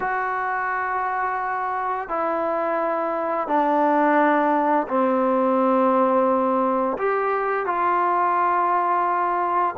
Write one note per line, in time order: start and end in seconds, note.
0.00 2.08 F#4
2.08 3.47 E4
3.47 4.87 D4
4.87 6.97 C4
6.97 7.66 G4
7.66 9.75 F4